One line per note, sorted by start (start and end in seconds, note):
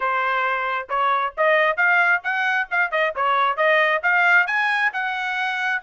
0.00 0.87 C5
0.89 1.34 C#5
1.37 1.76 D#5
1.76 2.21 F5
2.23 2.68 F#5
2.70 2.91 F5
2.91 3.13 D#5
3.15 3.56 C#5
3.56 4.01 D#5
4.02 4.47 F5
4.47 4.91 G#5
4.93 5.82 F#5